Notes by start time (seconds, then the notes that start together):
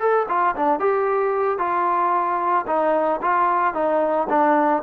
0.00 A4
0.29 F4
0.57 D4
0.80 G4
1.59 F4
2.67 D#4
3.22 F4
3.74 D#4
4.30 D4